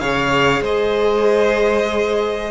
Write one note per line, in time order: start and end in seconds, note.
0.00 0.62 C#3
0.00 2.51 G#4
0.00 0.63 C#5
0.00 0.63 F5
0.62 2.51 G#3
0.62 2.51 C5
0.62 2.51 D#5